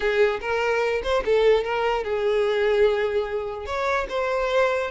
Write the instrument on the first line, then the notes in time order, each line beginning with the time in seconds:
violin
0.00 G#4
0.40 A#4
1.03 C5
1.25 A4
1.63 A#4
2.04 G#4
3.65 C#5
4.09 C5